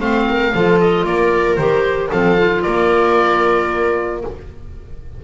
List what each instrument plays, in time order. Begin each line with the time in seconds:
0.00 double bass A3, clarinet C4, viola C5, oboe F5
0.29 viola A#4
0.54 double bass F3, clarinet F4, viola A4
0.80 oboe D#5
1.04 double bass A#3, viola A#4, oboe D5
1.56 double bass D#3, clarinet G4, oboe C5
2.10 double bass F3, clarinet C4, viola A4, oboe F5
2.38 clarinet F4
2.62 double bass A#3, viola A#4, oboe D5